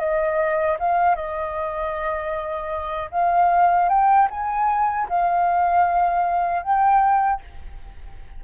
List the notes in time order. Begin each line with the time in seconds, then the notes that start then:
0.00 D#5
0.80 F5
1.16 D#5
3.11 F5
3.90 G5
4.30 G#5
5.10 F5
6.63 G5